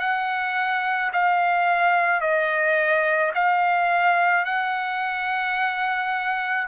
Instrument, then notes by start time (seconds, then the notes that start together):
trumpet
0.00 F#5
1.13 F5
2.21 D#5
3.34 F5
4.45 F#5